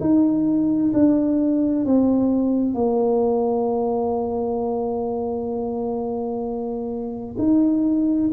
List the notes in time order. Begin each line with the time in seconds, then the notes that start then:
0.00 D#4
0.94 D4
1.85 C4
2.74 A#3
7.38 D#4